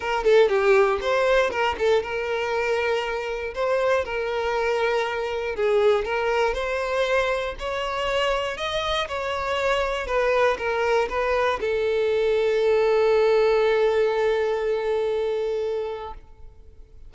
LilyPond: \new Staff \with { instrumentName = "violin" } { \time 4/4 \tempo 4 = 119 ais'8 a'8 g'4 c''4 ais'8 a'8 | ais'2. c''4 | ais'2. gis'4 | ais'4 c''2 cis''4~ |
cis''4 dis''4 cis''2 | b'4 ais'4 b'4 a'4~ | a'1~ | a'1 | }